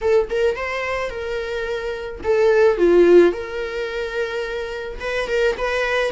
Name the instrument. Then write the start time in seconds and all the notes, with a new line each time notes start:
viola
0.01 A4
0.30 A#4
0.56 C5
1.10 A#4
2.23 A4
2.77 F4
3.32 A#4
5.00 B4
5.28 A#4
5.57 B4